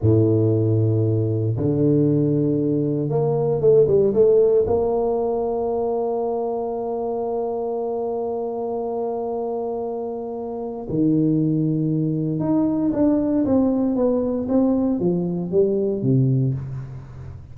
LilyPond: \new Staff \with { instrumentName = "tuba" } { \time 4/4 \tempo 4 = 116 a,2. d4~ | d2 ais4 a8 g8 | a4 ais2.~ | ais1~ |
ais1~ | ais4 dis2. | dis'4 d'4 c'4 b4 | c'4 f4 g4 c4 | }